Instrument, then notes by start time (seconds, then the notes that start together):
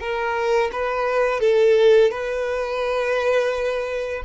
violin
0.00 A#4
0.72 B4
1.40 A4
2.11 B4